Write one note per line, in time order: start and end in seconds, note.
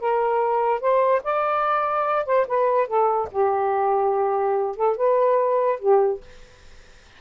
0.00 0.81 A#4
0.81 1.22 C5
1.24 2.26 D5
2.26 2.47 C5
2.47 2.87 B4
2.87 3.29 A4
3.31 4.76 G4
4.76 4.97 A4
4.97 5.79 B4
5.79 6.21 G4